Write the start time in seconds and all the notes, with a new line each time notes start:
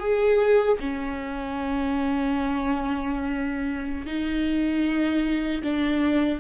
0.00 G#4
0.81 C#4
4.07 D#4
5.64 D4